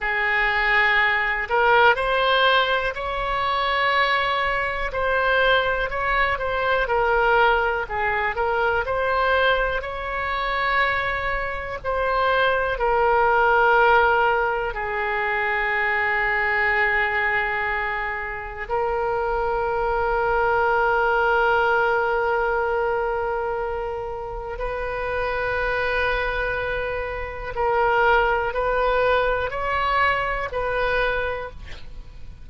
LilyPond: \new Staff \with { instrumentName = "oboe" } { \time 4/4 \tempo 4 = 61 gis'4. ais'8 c''4 cis''4~ | cis''4 c''4 cis''8 c''8 ais'4 | gis'8 ais'8 c''4 cis''2 | c''4 ais'2 gis'4~ |
gis'2. ais'4~ | ais'1~ | ais'4 b'2. | ais'4 b'4 cis''4 b'4 | }